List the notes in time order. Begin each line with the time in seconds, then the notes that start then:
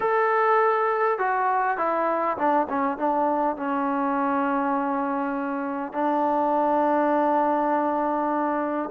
0.00 A4
1.18 F#4
1.77 E4
2.37 D4
2.69 C#4
2.97 D4
3.56 C#4
5.92 D4